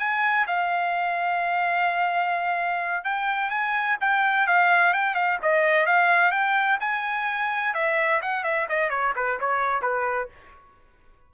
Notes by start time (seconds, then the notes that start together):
0.00 G#5
0.48 F5
3.05 G5
3.51 G#5
4.01 G5
4.48 F5
4.94 G5
5.15 F5
5.43 D#5
5.87 F5
6.32 G5
6.81 G#5
7.75 E5
8.22 F#5
8.44 E5
8.70 D#5
8.90 C#5
9.16 B4
9.40 C#5
9.82 B4